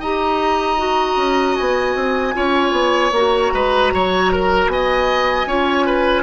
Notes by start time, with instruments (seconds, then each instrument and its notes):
0.00 bassoon D#4, clarinet G4, oboe D#5, flute A#5
0.78 clarinet F#4
1.17 bassoon C#4
1.55 bassoon B3, flute G#5
1.94 bassoon C4
2.33 bassoon C#4, clarinet F4, oboe C#5
2.72 bassoon B3
3.11 bassoon A#3, clarinet F#4, flute A#5
3.54 bassoon G#3, oboe B4
3.94 bassoon F#3, oboe C#5
4.32 oboe A#4
4.67 bassoon B3, oboe D#5, flute G#5
5.46 bassoon C#4, clarinet F4, oboe C#5
5.86 oboe B4